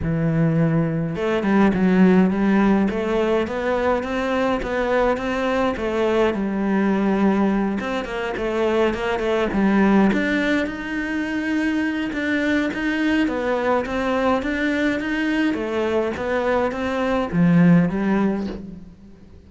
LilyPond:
\new Staff \with { instrumentName = "cello" } { \time 4/4 \tempo 4 = 104 e2 a8 g8 fis4 | g4 a4 b4 c'4 | b4 c'4 a4 g4~ | g4. c'8 ais8 a4 ais8 |
a8 g4 d'4 dis'4.~ | dis'4 d'4 dis'4 b4 | c'4 d'4 dis'4 a4 | b4 c'4 f4 g4 | }